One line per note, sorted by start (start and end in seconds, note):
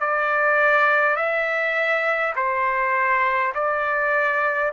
0.00 1.16 D5
1.16 2.33 E5
2.35 3.53 C5
3.54 4.72 D5